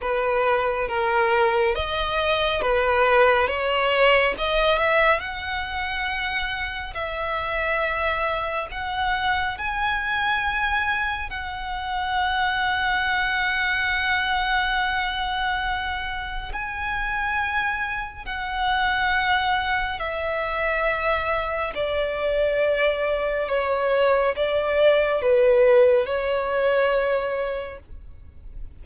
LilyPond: \new Staff \with { instrumentName = "violin" } { \time 4/4 \tempo 4 = 69 b'4 ais'4 dis''4 b'4 | cis''4 dis''8 e''8 fis''2 | e''2 fis''4 gis''4~ | gis''4 fis''2.~ |
fis''2. gis''4~ | gis''4 fis''2 e''4~ | e''4 d''2 cis''4 | d''4 b'4 cis''2 | }